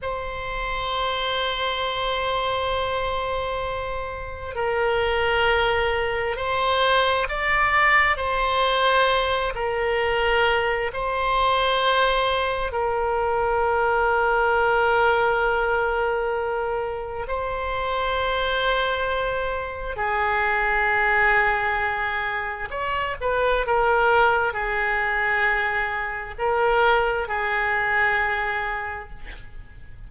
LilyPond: \new Staff \with { instrumentName = "oboe" } { \time 4/4 \tempo 4 = 66 c''1~ | c''4 ais'2 c''4 | d''4 c''4. ais'4. | c''2 ais'2~ |
ais'2. c''4~ | c''2 gis'2~ | gis'4 cis''8 b'8 ais'4 gis'4~ | gis'4 ais'4 gis'2 | }